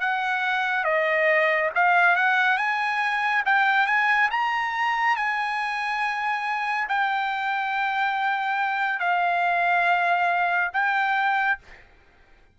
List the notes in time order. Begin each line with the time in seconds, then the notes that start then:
0.00 F#5
0.84 D#5
1.75 F5
2.15 F#5
2.57 G#5
3.45 G5
3.86 G#5
4.30 A#5
5.16 G#5
6.88 G5
8.99 F5
10.73 G5